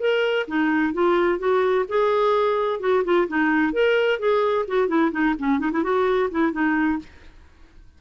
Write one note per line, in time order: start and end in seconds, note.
0.00 0.47 A#4
0.47 0.93 D#4
0.93 1.39 F4
1.39 1.85 F#4
1.88 2.80 G#4
2.80 3.03 F#4
3.04 3.28 F4
3.28 3.73 D#4
3.73 4.19 A#4
4.19 4.66 G#4
4.68 4.88 F#4
4.88 5.11 E4
5.11 5.35 D#4
5.39 5.59 C#4
5.59 5.71 D#4
5.72 5.83 E4
5.83 6.30 F#4
6.31 6.52 E4
6.52 6.99 D#4